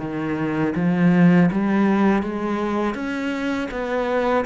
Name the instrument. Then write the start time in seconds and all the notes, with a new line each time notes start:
cello
0.00 D#3
0.76 F3
1.52 G3
2.23 G#3
2.95 C#4
3.71 B3